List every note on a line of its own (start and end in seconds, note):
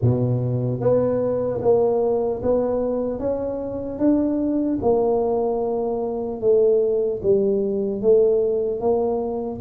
0.01 0.80 B2
0.80 1.60 B3
1.61 2.41 A#3
2.42 3.19 B3
3.19 3.99 C#4
3.99 4.79 D4
4.81 6.40 A#3
6.40 7.20 A3
7.22 8.01 G3
8.01 8.80 A3
8.80 9.60 A#3